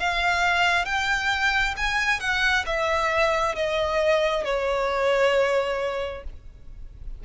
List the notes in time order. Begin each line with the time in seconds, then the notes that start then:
0.00 F5
0.85 G5
1.77 G#5
2.21 F#5
2.66 E5
3.55 D#5
4.45 C#5